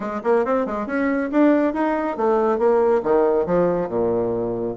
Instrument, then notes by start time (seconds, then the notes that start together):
bassoon
0.00 G#3
0.23 A#3
0.45 C4
0.66 G#3
0.86 C#4
1.31 D4
1.73 D#4
2.16 A3
2.58 A#3
3.03 D#3
3.45 F3
3.88 A#2